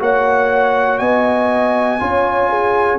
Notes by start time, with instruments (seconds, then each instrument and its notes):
0.00 tuba A#3, trombone F#4, horn C#5, trumpet F#5
0.99 tuba B3, horn D#5, trumpet G#5
2.00 tuba C#4, trombone F4, horn C#5
2.50 horn G#4